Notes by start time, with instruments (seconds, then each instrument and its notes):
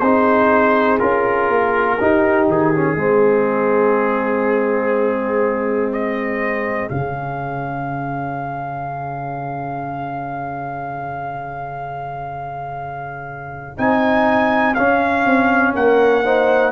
0.00 tuba C4, trombone D#4, horn G#4, trumpet C5
1.00 tuba C#4, trombone F4, trumpet A#4
1.49 tuba A#3
1.98 trombone D#4, tuba D#4, horn G4
2.48 tuba D#3, trumpet G#4
2.75 trombone C#4
2.97 tuba G#3, trombone C4, horn G#4
5.92 trumpet D#5
6.89 tuba C#3, trombone C#4, trumpet F5
13.77 tuba C4, trombone D#4, trumpet G#5
14.75 trombone C#4, tuba C#4, trumpet F5
15.26 tuba C4
15.75 tuba A#3, horn A#4, trumpet F#5
16.24 trombone D#4, horn C5